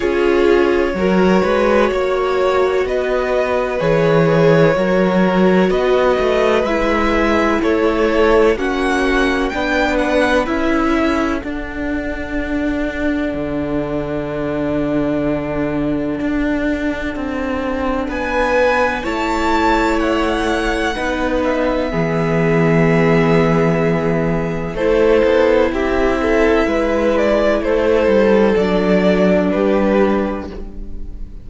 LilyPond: <<
  \new Staff \with { instrumentName = "violin" } { \time 4/4 \tempo 4 = 63 cis''2. dis''4 | cis''2 dis''4 e''4 | cis''4 fis''4 g''8 fis''8 e''4 | fis''1~ |
fis''2. gis''4 | a''4 fis''4. e''4.~ | e''2 c''4 e''4~ | e''8 d''8 c''4 d''4 b'4 | }
  \new Staff \with { instrumentName = "violin" } { \time 4/4 gis'4 ais'8 b'8 cis''4 b'4~ | b'4 ais'4 b'2 | a'4 fis'4 b'4. a'8~ | a'1~ |
a'2. b'4 | cis''2 b'4 gis'4~ | gis'2 a'4 g'8 a'8 | b'4 a'2 g'4 | }
  \new Staff \with { instrumentName = "viola" } { \time 4/4 f'4 fis'2. | gis'4 fis'2 e'4~ | e'4 cis'4 d'4 e'4 | d'1~ |
d'1 | e'2 dis'4 b4~ | b2 e'2~ | e'2 d'2 | }
  \new Staff \with { instrumentName = "cello" } { \time 4/4 cis'4 fis8 gis8 ais4 b4 | e4 fis4 b8 a8 gis4 | a4 ais4 b4 cis'4 | d'2 d2~ |
d4 d'4 c'4 b4 | a2 b4 e4~ | e2 a8 b8 c'4 | gis4 a8 g8 fis4 g4 | }
>>